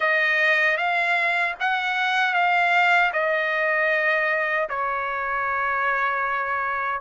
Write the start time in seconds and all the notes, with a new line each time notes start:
0.00 D#5
0.77 F5
1.59 F#5
2.33 F5
3.12 D#5
4.69 C#5